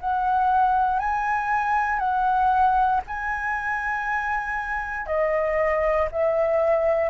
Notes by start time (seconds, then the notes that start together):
0.00 F#5
0.99 G#5
1.99 F#5
3.07 G#5
5.06 D#5
6.11 E5